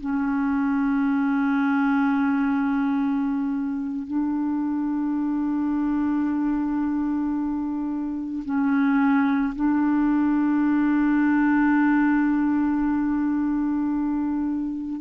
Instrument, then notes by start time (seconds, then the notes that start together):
clarinet
0.00 C#4
4.06 D4
8.44 C#4
9.55 D4